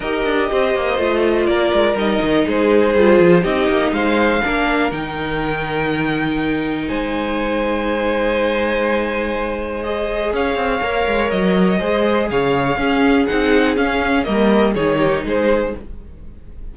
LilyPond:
<<
  \new Staff \with { instrumentName = "violin" } { \time 4/4 \tempo 4 = 122 dis''2. d''4 | dis''4 c''2 dis''4 | f''2 g''2~ | g''2 gis''2~ |
gis''1 | dis''4 f''2 dis''4~ | dis''4 f''2 fis''4 | f''4 dis''4 cis''4 c''4 | }
  \new Staff \with { instrumentName = "violin" } { \time 4/4 ais'4 c''2 ais'4~ | ais'4 gis'2 g'4 | c''4 ais'2.~ | ais'2 c''2~ |
c''1~ | c''4 cis''2. | c''4 cis''4 gis'2~ | gis'4 ais'4 gis'8 g'8 gis'4 | }
  \new Staff \with { instrumentName = "viola" } { \time 4/4 g'2 f'2 | dis'2 f'4 dis'4~ | dis'4 d'4 dis'2~ | dis'1~ |
dis'1 | gis'2 ais'2 | gis'2 cis'4 dis'4 | cis'4 ais4 dis'2 | }
  \new Staff \with { instrumentName = "cello" } { \time 4/4 dis'8 d'8 c'8 ais8 a4 ais8 gis8 | g8 dis8 gis4 g8 f8 c'8 ais8 | gis4 ais4 dis2~ | dis2 gis2~ |
gis1~ | gis4 cis'8 c'8 ais8 gis8 fis4 | gis4 cis4 cis'4 c'4 | cis'4 g4 dis4 gis4 | }
>>